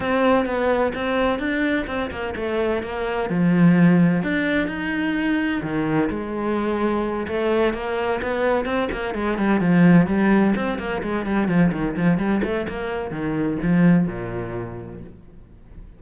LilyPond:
\new Staff \with { instrumentName = "cello" } { \time 4/4 \tempo 4 = 128 c'4 b4 c'4 d'4 | c'8 ais8 a4 ais4 f4~ | f4 d'4 dis'2 | dis4 gis2~ gis8 a8~ |
a8 ais4 b4 c'8 ais8 gis8 | g8 f4 g4 c'8 ais8 gis8 | g8 f8 dis8 f8 g8 a8 ais4 | dis4 f4 ais,2 | }